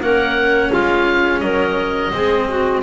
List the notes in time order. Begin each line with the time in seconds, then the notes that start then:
0.00 A#3 C#4 A#4 F#5
0.70 G#3 F4 F5
1.39 F#3 A#4 D#5
2.12 G#3 C4 G#4
2.48 F#4